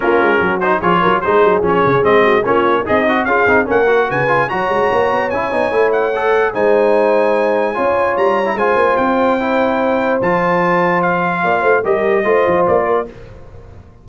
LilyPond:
<<
  \new Staff \with { instrumentName = "trumpet" } { \time 4/4 \tempo 4 = 147 ais'4. c''8 cis''4 c''4 | cis''4 dis''4 cis''4 dis''4 | f''4 fis''4 gis''4 ais''4~ | ais''4 gis''4. fis''4. |
gis''1 | ais''4 gis''4 g''2~ | g''4 a''2 f''4~ | f''4 dis''2 d''4 | }
  \new Staff \with { instrumentName = "horn" } { \time 4/4 f'4 fis'4 gis'8 ais'8 gis'4~ | gis'4. fis'8 f'4 dis'4 | gis'4 ais'4 b'4 cis''4~ | cis''1 |
c''2. cis''4~ | cis''4 c''2.~ | c''1 | d''8 c''8 ais'4 c''4. ais'8 | }
  \new Staff \with { instrumentName = "trombone" } { \time 4/4 cis'4. dis'8 f'4 dis'4 | cis'4 c'4 cis'4 gis'8 fis'8 | f'8 dis'8 cis'8 fis'4 f'8 fis'4~ | fis'4 e'8 dis'8 e'4 a'4 |
dis'2. f'4~ | f'8. e'16 f'2 e'4~ | e'4 f'2.~ | f'4 g'4 f'2 | }
  \new Staff \with { instrumentName = "tuba" } { \time 4/4 ais8 gis8 fis4 f8 fis8 gis8 fis8 | f8 cis8 gis4 ais4 c'4 | cis'8 c'8 ais4 cis4 fis8 gis8 | ais8 b8 cis'8 b8 a2 |
gis2. cis'4 | g4 gis8 ais8 c'2~ | c'4 f2. | ais8 a8 g4 a8 f8 ais4 | }
>>